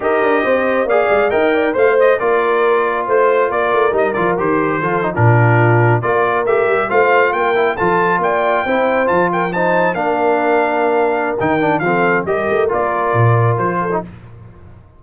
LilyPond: <<
  \new Staff \with { instrumentName = "trumpet" } { \time 4/4 \tempo 4 = 137 dis''2 f''4 g''4 | f''8 dis''8 d''2 c''4 | d''4 dis''8 d''8 c''4.~ c''16 ais'16~ | ais'4.~ ais'16 d''4 e''4 f''16~ |
f''8. g''4 a''4 g''4~ g''16~ | g''8. a''8 g''8 a''4 f''4~ f''16~ | f''2 g''4 f''4 | dis''4 d''2 c''4 | }
  \new Staff \with { instrumentName = "horn" } { \time 4/4 ais'4 c''4 d''4 dis''8 d''8 | c''4 ais'2 c''4 | ais'2. a'8. f'16~ | f'4.~ f'16 ais'2 c''16~ |
c''8. ais'4 a'4 d''4 c''16~ | c''4~ c''16 ais'8 c''4 ais'4~ ais'16~ | ais'2. a'4 | ais'2.~ ais'8 a'8 | }
  \new Staff \with { instrumentName = "trombone" } { \time 4/4 g'2 gis'4 ais'4 | c''4 f'2.~ | f'4 dis'8 f'8 g'4 f'8 dis'16 d'16~ | d'4.~ d'16 f'4 g'4 f'16~ |
f'4~ f'16 e'8 f'2 e'16~ | e'8. f'4 dis'4 d'4~ d'16~ | d'2 dis'8 d'8 c'4 | g'4 f'2~ f'8. dis'16 | }
  \new Staff \with { instrumentName = "tuba" } { \time 4/4 dis'8 d'8 c'4 ais8 gis8 dis'4 | a4 ais2 a4 | ais8 a8 g8 f8 dis4 f8. ais,16~ | ais,4.~ ais,16 ais4 a8 g8 a16~ |
a8. ais4 f4 ais4 c'16~ | c'8. f2 ais4~ ais16~ | ais2 dis4 f4 | g8 a8 ais4 ais,4 f4 | }
>>